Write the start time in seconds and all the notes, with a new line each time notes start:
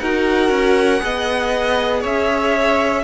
0.00 D#4 F#4 A#4 F#5
0.50 C#4
1.00 B3 G#4 D#5
2.00 C#4 C#5 E5